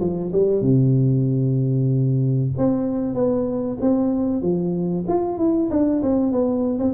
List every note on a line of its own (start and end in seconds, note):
0.00 0.32 F3
0.32 0.62 G3
0.62 2.51 C3
2.58 3.15 C4
3.15 3.78 B3
3.81 4.42 C4
4.42 5.05 F3
5.08 5.38 F4
5.38 5.70 E4
5.71 6.02 D4
6.02 6.32 C4
6.32 6.79 B3
6.79 6.94 C4